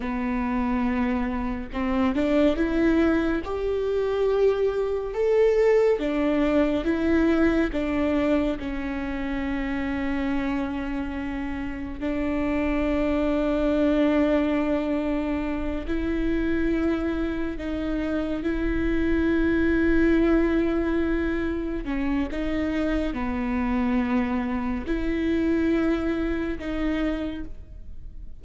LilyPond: \new Staff \with { instrumentName = "viola" } { \time 4/4 \tempo 4 = 70 b2 c'8 d'8 e'4 | g'2 a'4 d'4 | e'4 d'4 cis'2~ | cis'2 d'2~ |
d'2~ d'8 e'4.~ | e'8 dis'4 e'2~ e'8~ | e'4. cis'8 dis'4 b4~ | b4 e'2 dis'4 | }